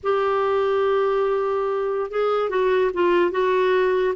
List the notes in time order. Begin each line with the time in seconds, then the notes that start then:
0.03 G4
2.10 G#4
2.49 F#4
2.93 F4
3.31 F#4